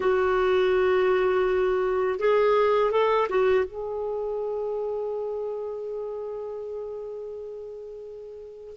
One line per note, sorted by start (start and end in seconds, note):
0.00 2.19 F#4
2.19 2.91 G#4
2.91 3.27 A4
3.29 3.65 F#4
3.65 8.76 G#4